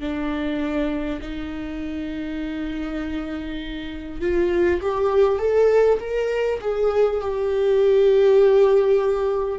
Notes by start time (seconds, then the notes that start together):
0.00 D4
1.21 D#4
4.20 F4
4.81 G4
5.38 A4
5.99 A#4
6.60 G#4
7.21 G4